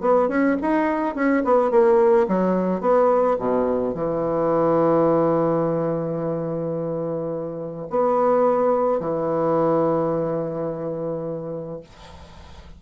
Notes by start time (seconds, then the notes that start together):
0.00 B3
0.28 C#4
0.61 D#4
1.15 C#4
1.44 B3
1.71 A#3
2.28 F#3
2.80 B3
3.38 B2
3.94 E3
7.90 B3
9.00 E3